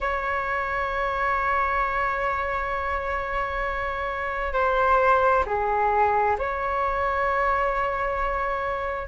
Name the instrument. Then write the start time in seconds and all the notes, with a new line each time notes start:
flute
0.00 C#5
4.53 C5
5.45 G#4
6.38 C#5